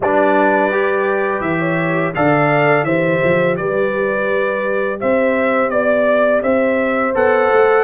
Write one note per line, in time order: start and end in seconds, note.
0.00 1.40 G3
0.00 0.71 D4
0.00 1.58 B4
0.00 1.40 D5
0.71 2.14 G4
1.40 2.11 E3
1.40 2.12 E5
1.58 2.12 C#5
2.14 2.83 D3
2.14 2.87 A4
2.14 2.86 D5
2.14 2.84 F5
2.83 3.19 E3
2.83 7.14 G4
2.83 3.57 C5
2.83 3.55 E5
3.23 3.59 F3
3.56 5.01 G3
3.56 5.00 B4
3.56 4.99 D5
5.00 5.69 C4
5.00 5.72 C5
5.00 5.69 E5
5.69 6.41 B3
5.69 6.41 D5
5.69 6.43 D5
6.42 7.13 C4
6.42 7.83 C5
6.42 7.14 E5
7.14 7.51 B3
7.14 7.83 A4
7.14 7.83 F#5
7.51 7.83 A3